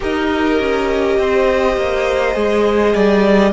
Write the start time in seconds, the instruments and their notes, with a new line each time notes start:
0.00 cello D#4, viola G4, violin A#4 D#5
0.59 cello C#4
1.18 cello C4, violin C5
1.76 cello A#3
2.33 cello G#3, viola G#4
2.94 cello G3, violin D5